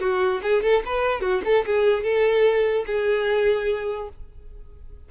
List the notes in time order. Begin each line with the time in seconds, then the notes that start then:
0.00 F#4
0.42 G#4
0.62 A4
0.85 B4
1.21 F#4
1.44 A4
1.65 G#4
2.03 A4
2.86 G#4